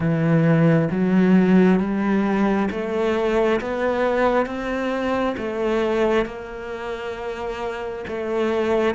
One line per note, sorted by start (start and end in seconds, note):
0.00 0.88 E3
0.90 1.79 F#3
1.79 2.69 G3
2.71 3.60 A3
3.60 4.45 B3
4.45 5.35 C4
5.37 6.25 A3
6.25 8.04 A#3
8.07 8.94 A3